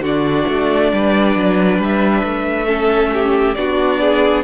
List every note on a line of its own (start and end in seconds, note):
0.00 0.44 D3
0.00 2.67 D4
0.00 0.91 F#4
0.00 1.82 D5
0.48 0.92 A3
0.92 1.36 G3
0.92 2.66 B4
1.36 1.79 F#3
1.79 2.23 G3
1.79 3.55 E5
2.24 3.56 A3
2.66 3.55 C#4
2.66 3.10 A4
3.14 3.58 G4
3.55 4.44 B3
3.55 4.44 D4
3.55 4.01 F#4
3.55 4.43 D5
4.01 4.44 G#4